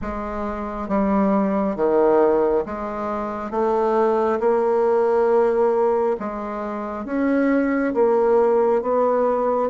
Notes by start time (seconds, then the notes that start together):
0.01 G#3
0.88 G3
1.76 D#3
2.65 G#3
3.51 A3
4.40 A#3
6.19 G#3
7.05 C#4
7.94 A#3
8.82 B3